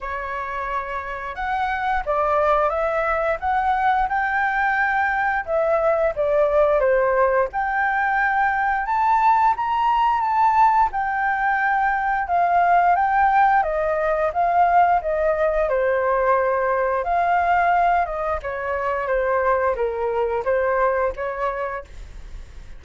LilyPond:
\new Staff \with { instrumentName = "flute" } { \time 4/4 \tempo 4 = 88 cis''2 fis''4 d''4 | e''4 fis''4 g''2 | e''4 d''4 c''4 g''4~ | g''4 a''4 ais''4 a''4 |
g''2 f''4 g''4 | dis''4 f''4 dis''4 c''4~ | c''4 f''4. dis''8 cis''4 | c''4 ais'4 c''4 cis''4 | }